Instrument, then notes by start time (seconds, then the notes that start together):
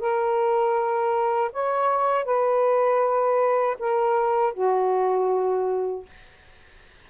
saxophone
0.00 A#4
1.53 C#5
2.25 B4
3.79 A#4
4.54 F#4